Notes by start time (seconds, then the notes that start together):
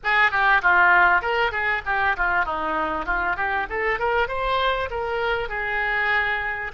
0.03 G#4
0.31 G4
0.62 F4
1.21 A#4
1.51 G#4
1.85 G4
2.17 F4
2.45 D#4
3.05 F4
3.36 G4
3.69 A4
3.99 A#4
4.28 C5
4.90 A#4
5.49 G#4